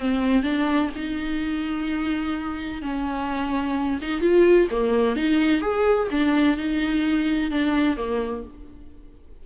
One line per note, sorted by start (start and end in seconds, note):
0.00 0.43 C4
0.43 0.90 D4
0.96 2.83 D#4
2.83 4.00 C#4
4.02 4.21 D#4
4.21 4.68 F4
4.71 5.16 A#3
5.16 5.62 D#4
5.62 6.09 G#4
6.11 6.58 D4
6.58 7.51 D#4
7.51 7.97 D4
7.97 8.44 A#3